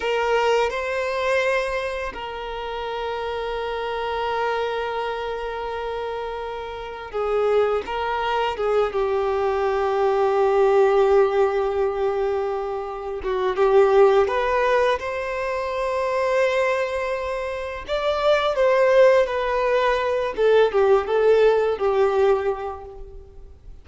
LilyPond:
\new Staff \with { instrumentName = "violin" } { \time 4/4 \tempo 4 = 84 ais'4 c''2 ais'4~ | ais'1~ | ais'2 gis'4 ais'4 | gis'8 g'2.~ g'8~ |
g'2~ g'8 fis'8 g'4 | b'4 c''2.~ | c''4 d''4 c''4 b'4~ | b'8 a'8 g'8 a'4 g'4. | }